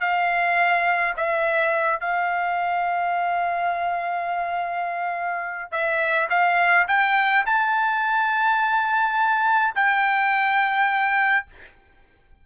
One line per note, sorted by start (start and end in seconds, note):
0.00 1.14 F5
1.17 2.00 E5
2.00 5.71 F5
5.71 6.28 E5
6.30 6.87 F5
6.88 7.45 G5
7.46 9.74 A5
9.75 11.46 G5